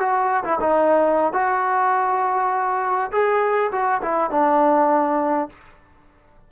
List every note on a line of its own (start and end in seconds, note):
0.00 0.44 F#4
0.45 0.60 E4
0.60 1.33 D#4
1.33 3.12 F#4
3.12 3.72 G#4
3.72 4.02 F#4
4.02 4.31 E4
4.31 5.50 D4